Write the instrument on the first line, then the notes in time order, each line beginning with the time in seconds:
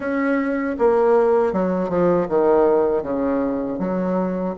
bassoon
0.00 C#4
0.78 A#3
1.52 F#3
1.89 F3
2.29 D#3
3.02 C#3
3.78 F#3